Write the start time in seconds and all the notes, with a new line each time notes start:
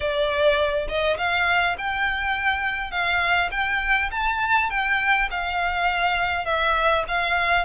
0.00 D5
0.87 D#5
1.17 F5
1.78 G5
2.91 F5
3.51 G5
4.11 A5
4.70 G5
5.30 F5
6.45 E5
7.07 F5